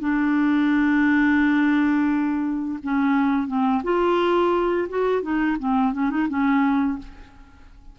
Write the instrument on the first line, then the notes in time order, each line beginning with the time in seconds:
clarinet
0.00 D4
2.83 C#4
3.48 C4
3.84 F4
4.89 F#4
5.22 D#4
5.59 C4
5.93 C#4
6.10 D#4
6.29 C#4